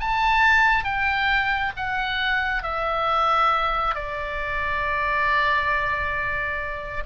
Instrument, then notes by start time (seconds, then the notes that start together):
oboe
0.00 A5
0.84 G5
1.76 F#5
2.63 E5
3.95 D5